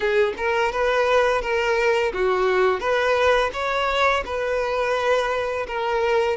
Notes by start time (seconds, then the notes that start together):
0.00 G#4
0.37 A#4
0.72 B4
1.41 A#4
2.13 F#4
2.79 B4
3.53 C#5
4.25 B4
5.67 A#4